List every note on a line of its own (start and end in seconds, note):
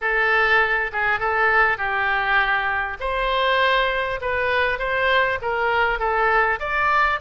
0.01 0.91 A4
0.92 1.19 G#4
1.19 1.77 A4
1.77 2.97 G4
2.99 4.19 C5
4.21 4.78 B4
4.78 5.38 C5
5.41 5.99 A#4
5.99 6.59 A4
6.59 7.19 D5